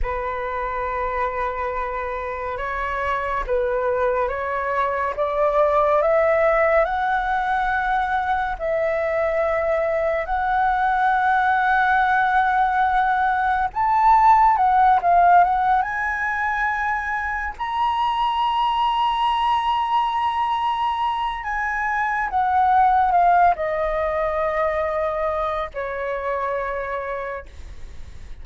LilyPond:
\new Staff \with { instrumentName = "flute" } { \time 4/4 \tempo 4 = 70 b'2. cis''4 | b'4 cis''4 d''4 e''4 | fis''2 e''2 | fis''1 |
a''4 fis''8 f''8 fis''8 gis''4.~ | gis''8 ais''2.~ ais''8~ | ais''4 gis''4 fis''4 f''8 dis''8~ | dis''2 cis''2 | }